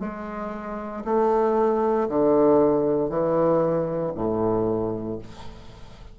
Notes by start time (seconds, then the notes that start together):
0.00 G#3
1.04 A3
2.08 D3
3.09 E3
4.15 A2